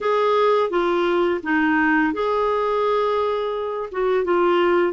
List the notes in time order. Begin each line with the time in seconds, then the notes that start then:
0.00 G#4
0.70 F4
1.43 D#4
2.13 G#4
3.91 F#4
4.24 F4